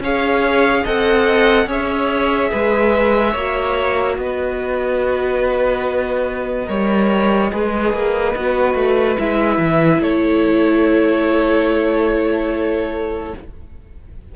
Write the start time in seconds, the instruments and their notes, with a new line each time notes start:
0.00 cello C#4, viola G#4, violin C#5 F5
0.84 cello C4, viola A4, violin D#5 F#5
1.66 cello C#4, viola G#4, violin C#5 E5
2.51 cello G#3, violin B4
3.32 cello A#3, viola F#4, violin C#5
4.18 cello B3, violin B4 D#5
6.66 cello G3, viola A#4, violin C#5
7.52 cello G#3, viola G#4, violin B4
7.93 cello A#3
8.36 cello B3, viola F#4
8.75 cello A3
9.19 cello G#3, viola E4, violin E5
9.58 cello E3
10.00 cello A3, violin A4 C#5